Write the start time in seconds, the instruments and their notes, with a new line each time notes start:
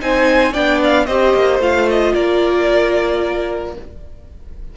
0.00 cello C4, viola D#4, violin C5 G#5
0.53 cello B3, viola D4, violin D5 G5
0.84 violin F5
1.06 cello C4, viola G4, violin C5 D#5
1.34 cello A#3
1.59 cello A3, viola F4, violin F5
1.90 violin D#5
2.14 cello A#3, violin A#4 D5